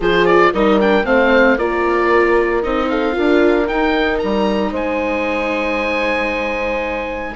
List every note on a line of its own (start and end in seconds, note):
0.00 0.52 F3
0.00 0.54 F4
0.00 0.52 G#4
0.00 0.26 C5
0.26 0.52 D5
0.53 1.04 G3
0.53 0.80 D#4
0.53 1.06 A#4
0.53 0.80 D#5
0.80 1.04 D4
0.80 1.05 G5
1.04 1.57 A3
1.04 1.56 C4
1.04 1.57 C5
1.04 1.58 F5
1.57 2.63 A#3
1.57 2.62 F4
1.57 2.88 A#4
1.57 2.62 D5
2.62 3.17 C4
2.62 3.12 D#4
2.62 2.89 D#5
2.89 3.15 A4
2.89 3.67 F5
3.12 3.69 D4
3.12 3.64 F4
3.12 4.71 A#4
3.67 7.35 D#4
3.67 4.21 D#4
3.67 4.18 G5
4.18 4.71 G3
4.18 4.71 A#5
4.71 7.35 G#3
4.71 7.35 C5
4.71 7.36 G#5